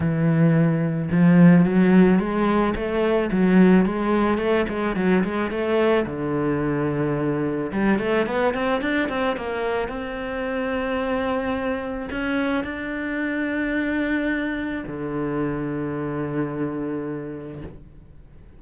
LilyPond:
\new Staff \with { instrumentName = "cello" } { \time 4/4 \tempo 4 = 109 e2 f4 fis4 | gis4 a4 fis4 gis4 | a8 gis8 fis8 gis8 a4 d4~ | d2 g8 a8 b8 c'8 |
d'8 c'8 ais4 c'2~ | c'2 cis'4 d'4~ | d'2. d4~ | d1 | }